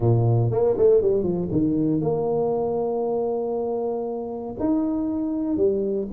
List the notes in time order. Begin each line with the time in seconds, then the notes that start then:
0.00 A#2
0.51 A#3
0.77 A3
1.01 G3
1.23 F3
1.51 D#3
2.01 A#3
4.59 D#4
5.56 G3